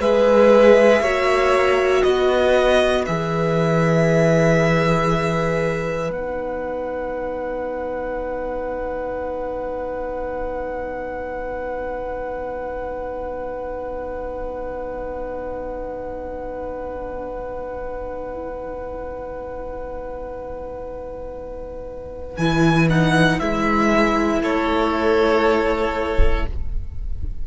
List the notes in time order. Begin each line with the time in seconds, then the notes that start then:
0.00 G#3 G#4 B4 E5
1.02 A#3 F#4 C#5
2.04 B3 B4 D#5
3.07 E3 G#4 E5
6.10 B3 D#4 F#5
22.37 E3 E4 G#5
22.90 D#4 F#5
23.40 G#3 E4 E5
24.42 A3 A4 C#5